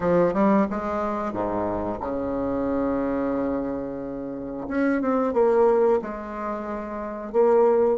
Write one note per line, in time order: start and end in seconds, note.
0.00 0.33 F3
0.33 0.66 G3
0.70 1.32 G#3
1.32 1.99 G#2
2.00 4.67 C#3
4.68 5.01 C#4
5.01 5.33 C4
5.33 6.00 A#3
6.02 7.32 G#3
7.32 7.98 A#3